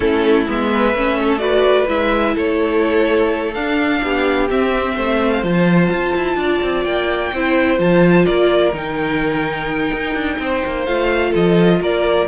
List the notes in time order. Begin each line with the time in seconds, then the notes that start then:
0.00 A3 C#4 E4 A4
0.46 G#3 B3 E5
0.72 B4
0.93 A3 C#4
1.21 A4
1.38 F#4 B4 D5
1.87 G#3 E4 E5
2.34 A3 A4 C#5
3.54 D4 F5
4.03 B3 G4
4.49 C4 E5
4.94 A3 C5
5.31 F5
5.43 F3 F4 A5
5.91 F4
6.15 E4
6.35 D4 D5
6.62 C4
6.84 A#3 G5
7.32 C4 E4 C5
7.77 F3 F4 A5
8.25 A#3 A#4 D5
8.72 D#3 D#4 G5
9.93 D#4
10.14 D4
10.38 C4 C5
10.65 A#3
10.85 A3 F4 F5
11.30 F3 A4 D#5
11.80 A#3 A#4 D5